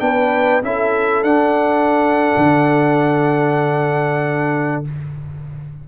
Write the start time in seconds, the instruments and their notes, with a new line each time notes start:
0.00 tuba B3, trombone D4, horn B4, trumpet G5
0.63 tuba C#4, trombone E4, horn A4, trumpet E5
1.23 tuba D4, trombone D4, trumpet F#5
2.37 tuba D3